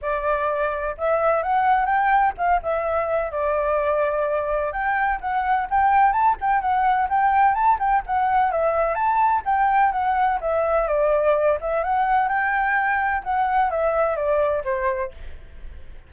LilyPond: \new Staff \with { instrumentName = "flute" } { \time 4/4 \tempo 4 = 127 d''2 e''4 fis''4 | g''4 f''8 e''4. d''4~ | d''2 g''4 fis''4 | g''4 a''8 g''8 fis''4 g''4 |
a''8 g''8 fis''4 e''4 a''4 | g''4 fis''4 e''4 d''4~ | d''8 e''8 fis''4 g''2 | fis''4 e''4 d''4 c''4 | }